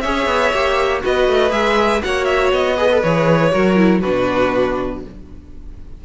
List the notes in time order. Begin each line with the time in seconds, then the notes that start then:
0.00 C#4 G#4 C#5 E5
0.26 B3
0.53 A#3 G4
1.01 B3 F#4 B4 D#5
1.28 A3
1.49 G#3 G#4 E5
2.02 A#3 F#4 C#5 F#5
2.24 E5
2.52 B3 D#5
2.76 G#4 B4
2.91 A4
3.02 E3 G#4 C#5
3.51 F#3 F#4 A#4
3.76 E4
4.00 B2 D4 F#4 B4